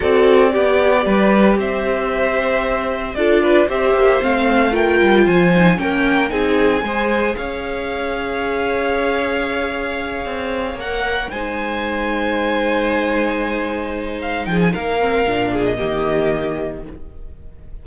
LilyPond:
<<
  \new Staff \with { instrumentName = "violin" } { \time 4/4 \tempo 4 = 114 d''2. e''4~ | e''2 d''4 e''4 | f''4 g''4 gis''4 g''4 | gis''2 f''2~ |
f''1~ | f''8 fis''4 gis''2~ gis''8~ | gis''2. f''8 g''16 gis''16 | f''4.~ f''16 dis''2~ dis''16 | }
  \new Staff \with { instrumentName = "violin" } { \time 4/4 a'4 g'4 b'4 c''4~ | c''2 a'8 b'8 c''4~ | c''4 ais'4 c''4 ais'4 | gis'4 c''4 cis''2~ |
cis''1~ | cis''4. c''2~ c''8~ | c''2.~ c''8 gis'8 | ais'4. gis'8 g'2 | }
  \new Staff \with { instrumentName = "viola" } { \time 4/4 fis'4 g'2.~ | g'2 f'4 g'4 | c'4 f'4. dis'8 cis'4 | dis'4 gis'2.~ |
gis'1~ | gis'8 ais'4 dis'2~ dis'8~ | dis'1~ | dis'8 c'8 d'4 ais2 | }
  \new Staff \with { instrumentName = "cello" } { \time 4/4 c'4 b4 g4 c'4~ | c'2 d'4 c'8 ais8 | a4. g8 f4 ais4 | c'4 gis4 cis'2~ |
cis'2.~ cis'8 c'8~ | c'8 ais4 gis2~ gis8~ | gis2.~ gis8 f8 | ais4 ais,4 dis2 | }
>>